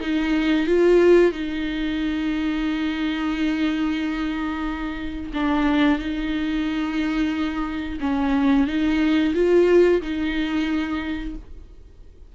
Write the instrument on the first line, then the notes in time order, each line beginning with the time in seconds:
viola
0.00 D#4
0.66 F4
1.32 D#4
5.33 D4
5.98 D#4
8.00 C#4
8.67 D#4
9.34 F4
10.02 D#4